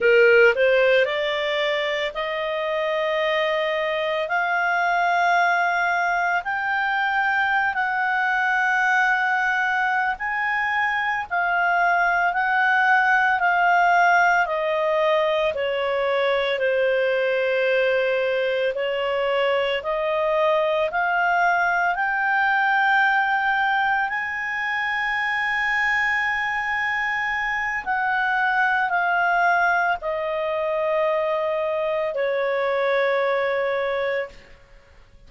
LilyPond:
\new Staff \with { instrumentName = "clarinet" } { \time 4/4 \tempo 4 = 56 ais'8 c''8 d''4 dis''2 | f''2 g''4~ g''16 fis''8.~ | fis''4. gis''4 f''4 fis''8~ | fis''8 f''4 dis''4 cis''4 c''8~ |
c''4. cis''4 dis''4 f''8~ | f''8 g''2 gis''4.~ | gis''2 fis''4 f''4 | dis''2 cis''2 | }